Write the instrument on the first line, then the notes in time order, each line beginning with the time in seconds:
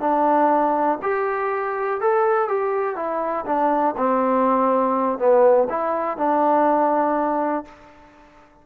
trombone
0.00 D4
1.02 G4
2.01 A4
2.48 G4
2.96 E4
3.46 D4
3.97 C4
5.18 B3
5.69 E4
6.17 D4